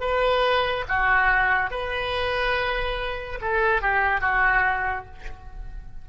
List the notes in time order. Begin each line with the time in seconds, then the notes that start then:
0.00 B4
0.88 F#4
1.70 B4
3.41 A4
3.81 G4
4.21 F#4